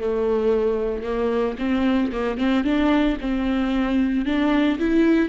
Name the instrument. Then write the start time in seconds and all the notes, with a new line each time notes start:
viola
0.00 A3
1.04 A#3
1.59 C4
2.12 A#3
2.38 C4
2.64 D4
3.21 C4
4.26 D4
4.79 E4